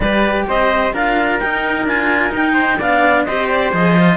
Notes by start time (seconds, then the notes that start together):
0.00 G3 G4 B4 D5
0.48 C4 C5 D#5
0.92 D4 F4 A#4 F5
1.39 D#4 G5
1.83 D4 F4 G#5
2.29 D#4 G5
2.53 C5
2.78 B3 D4 D5 F5
3.24 C4 G4 C5 D#5
3.49 D5
3.72 F3 G#4 D#5
3.97 F4